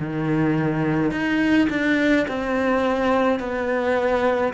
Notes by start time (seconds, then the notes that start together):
0.00 D#3
1.11 D#4
1.70 D4
2.28 C4
3.40 B3